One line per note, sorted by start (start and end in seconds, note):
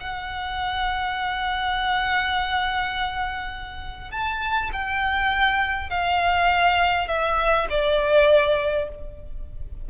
0.00 4.11 F#5
4.11 4.70 A5
4.73 5.90 G5
5.90 7.08 F5
7.08 7.67 E5
7.70 8.89 D5